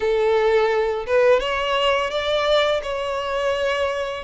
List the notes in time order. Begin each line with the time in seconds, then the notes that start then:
0.00 A4
1.06 B4
1.40 C#5
2.10 D5
2.82 C#5